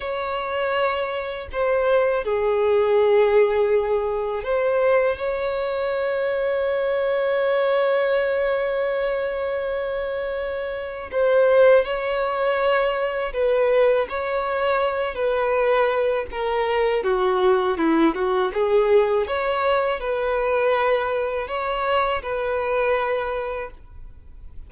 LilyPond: \new Staff \with { instrumentName = "violin" } { \time 4/4 \tempo 4 = 81 cis''2 c''4 gis'4~ | gis'2 c''4 cis''4~ | cis''1~ | cis''2. c''4 |
cis''2 b'4 cis''4~ | cis''8 b'4. ais'4 fis'4 | e'8 fis'8 gis'4 cis''4 b'4~ | b'4 cis''4 b'2 | }